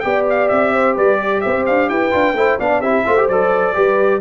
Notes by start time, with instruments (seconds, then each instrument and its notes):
0.00 tuba B3, trombone G4, horn D5, trumpet G5
0.30 trumpet F5
0.48 tuba C4, trumpet E5
0.73 horn C5
0.95 tuba G3, horn B4, trumpet D5
1.20 horn D5
1.41 tuba C4, horn C5, trumpet E5
1.66 tuba D4, trumpet F5
1.89 tuba E4, horn B4, trumpet G5
2.11 tuba D4, trombone F4
2.33 tuba A3, trombone E4, horn C5
2.58 tuba B3, trombone D4, horn D5, trumpet F5
2.80 tuba C4, trombone E4, horn G4, trumpet E5
3.06 tuba A3, trombone F4, horn C5
3.17 trombone G4
3.28 tuba F#3, trombone A4, trumpet D5
3.74 tuba G3, trombone G4, horn B4